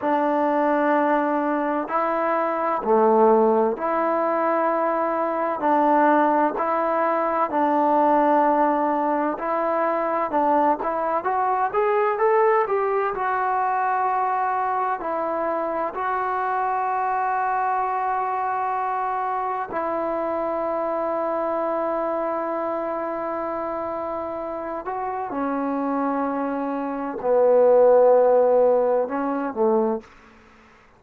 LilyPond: \new Staff \with { instrumentName = "trombone" } { \time 4/4 \tempo 4 = 64 d'2 e'4 a4 | e'2 d'4 e'4 | d'2 e'4 d'8 e'8 | fis'8 gis'8 a'8 g'8 fis'2 |
e'4 fis'2.~ | fis'4 e'2.~ | e'2~ e'8 fis'8 cis'4~ | cis'4 b2 cis'8 a8 | }